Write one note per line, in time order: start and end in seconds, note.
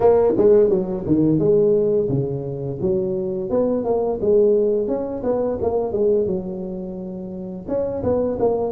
0.00 0.33 A#3
0.37 0.69 G#3
0.69 1.04 F#3
1.06 1.38 D#3
1.38 2.08 G#3
2.08 2.78 C#3
2.81 3.50 F#3
3.50 3.84 B3
3.84 4.19 A#3
4.21 4.87 G#3
4.87 5.22 C#4
5.23 5.58 B3
5.61 5.92 A#3
5.92 6.26 G#3
6.26 7.66 F#3
7.67 8.02 C#4
8.03 8.38 B3
8.39 8.72 A#3